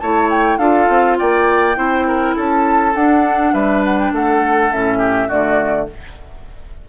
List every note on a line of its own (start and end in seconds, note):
0.00 0.58 A3
0.00 0.60 E4
0.00 0.59 C#5
0.00 0.29 A5
0.31 0.58 G5
0.58 0.87 D4
0.58 1.75 F4
0.58 1.18 A4
0.58 1.17 F5
0.89 1.19 C4
1.19 1.77 A#3
1.19 1.78 D5
1.19 2.37 G5
1.75 2.36 C4
1.75 2.93 E4
1.75 2.07 C5
2.08 2.36 A#4
2.36 2.95 C#4
2.36 3.54 A4
2.36 2.95 A5
2.95 3.54 D4
2.95 4.72 D4
2.95 3.54 F#5
3.54 4.12 G3
3.54 4.13 B4
3.54 3.84 E5
3.85 3.99 F#5
3.99 4.14 G5
4.12 4.71 A3
4.12 4.99 A4
4.12 4.72 F#5
4.72 5.30 A2
4.72 5.29 C#4
4.72 5.30 E5
4.99 5.28 G4
5.28 5.89 D3
5.28 5.88 A3
5.28 5.87 F#4
5.28 5.89 D5